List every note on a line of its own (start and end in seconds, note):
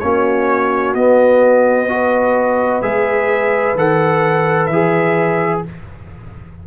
0.00 0.94 A#3
0.00 0.96 C#4
0.00 1.91 F#4
0.00 0.94 C#5
0.94 2.81 B3
0.94 1.88 B3
0.94 2.82 D#5
1.88 2.82 F#4
1.88 5.67 B4
2.82 3.75 G#3
2.82 3.76 G#4
2.82 3.76 E5
3.75 4.69 D#3
3.75 4.71 A4
3.75 4.66 F#5
4.66 5.62 E3
4.66 5.60 E5
4.72 5.66 G#4